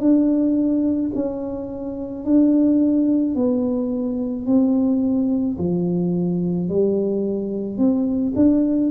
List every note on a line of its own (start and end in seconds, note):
0.00 1.11 D4
1.15 2.25 C#4
2.25 3.35 D4
3.35 4.46 B3
4.46 5.57 C4
5.58 6.69 F3
6.69 7.78 G3
7.78 8.33 C4
8.36 8.91 D4